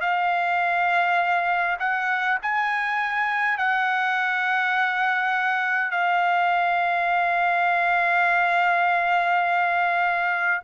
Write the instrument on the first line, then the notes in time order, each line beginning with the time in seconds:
trumpet
0.00 F5
1.79 F#5
2.42 G#5
3.57 F#5
5.90 F5